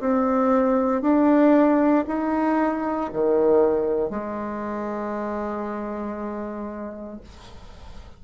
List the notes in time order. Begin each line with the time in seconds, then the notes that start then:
0.00 C4
1.02 D4
2.07 D#4
3.13 D#3
4.10 G#3